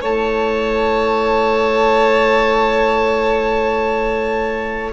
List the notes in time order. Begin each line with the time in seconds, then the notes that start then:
0.00 A3 E4 C#5 A5